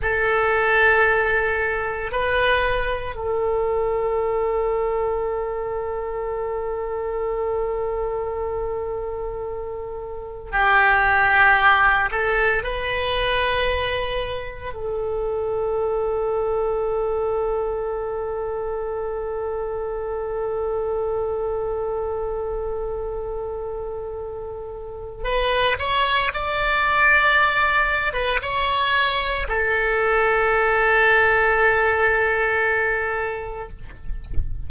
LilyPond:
\new Staff \with { instrumentName = "oboe" } { \time 4/4 \tempo 4 = 57 a'2 b'4 a'4~ | a'1~ | a'2 g'4. a'8 | b'2 a'2~ |
a'1~ | a'1 | b'8 cis''8 d''4.~ d''16 b'16 cis''4 | a'1 | }